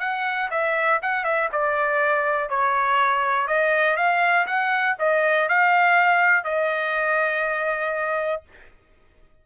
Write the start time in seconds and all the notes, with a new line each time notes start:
0.00 F#5
0.51 E5
1.02 F#5
1.24 E5
1.52 D5
2.50 C#5
3.48 D#5
3.97 F5
4.47 F#5
4.99 D#5
5.49 F5
6.45 D#5